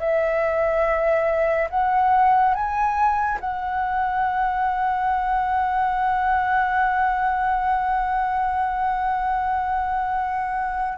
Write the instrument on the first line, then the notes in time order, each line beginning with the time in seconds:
flute
0.00 E5
1.71 F#5
2.55 G#5
3.41 F#5